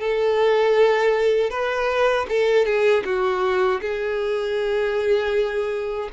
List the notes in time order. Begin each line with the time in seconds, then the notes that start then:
0.00 A4
1.50 B4
2.29 A4
2.65 G#4
3.04 F#4
3.81 G#4